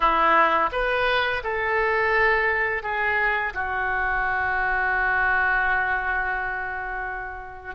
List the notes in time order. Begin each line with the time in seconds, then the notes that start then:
0.00 E4
0.72 B4
1.43 A4
2.82 G#4
3.54 F#4